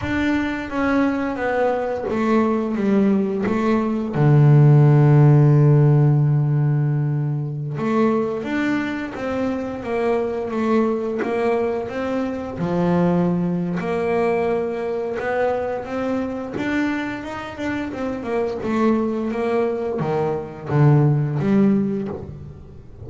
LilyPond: \new Staff \with { instrumentName = "double bass" } { \time 4/4 \tempo 4 = 87 d'4 cis'4 b4 a4 | g4 a4 d2~ | d2.~ d16 a8.~ | a16 d'4 c'4 ais4 a8.~ |
a16 ais4 c'4 f4.~ f16 | ais2 b4 c'4 | d'4 dis'8 d'8 c'8 ais8 a4 | ais4 dis4 d4 g4 | }